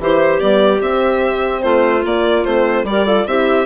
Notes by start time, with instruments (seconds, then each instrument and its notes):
0.00 bassoon E3, horn E4, clarinet G4, violin C5
0.40 bassoon G3, horn B3, violin D5
0.82 bassoon C4, horn C4, violin E5
1.62 bassoon A3, clarinet F4, violin C5
2.02 horn A#3, bassoon A#3, violin D5
2.45 bassoon A3, horn C4, violin C5
2.84 bassoon G3, horn G4, violin D5
2.91 clarinet A#4
3.06 horn F4, clarinet A4
3.27 bassoon C4, horn E4, clarinet G4, violin E5